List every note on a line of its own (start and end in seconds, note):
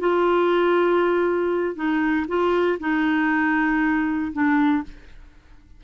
0.00 1.75 F4
1.75 2.26 D#4
2.28 2.79 F4
2.80 4.32 D#4
4.32 4.83 D4